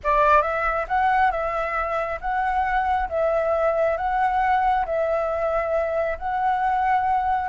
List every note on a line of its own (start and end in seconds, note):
0.03 0.42 D5
0.42 0.86 E5
0.88 1.31 F#5
1.31 2.19 E5
2.20 3.08 F#5
3.09 3.97 E5
3.97 4.85 F#5
4.85 6.18 E5
6.18 7.48 F#5